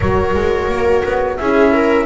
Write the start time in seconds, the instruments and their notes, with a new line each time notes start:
0.00 double bass F#3, horn F#4, viola A#4, flute C#5
0.34 double bass G#3
0.68 double bass A#3
1.04 double bass B3
1.37 double bass C#4, horn E4, viola G#4, flute E5
1.72 viola A#4